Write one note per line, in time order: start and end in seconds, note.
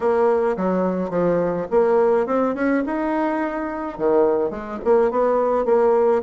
0.00 0.56 A#3
0.56 1.10 F#3
1.10 1.66 F3
1.70 2.26 A#3
2.26 2.54 C4
2.55 2.83 C#4
2.86 3.98 D#4
3.98 4.50 D#3
4.50 4.78 G#3
4.84 5.10 A#3
5.10 5.65 B3
5.65 6.22 A#3